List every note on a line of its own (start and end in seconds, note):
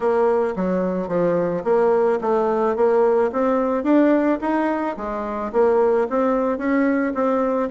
0.00 0.54 A#3
0.56 1.08 F#3
1.08 1.63 F3
1.64 2.19 A#3
2.21 2.75 A3
2.75 3.31 A#3
3.32 3.83 C4
3.83 4.38 D4
4.41 4.96 D#4
4.96 5.51 G#3
5.52 6.07 A#3
6.09 6.58 C4
6.58 7.13 C#4
7.14 7.69 C4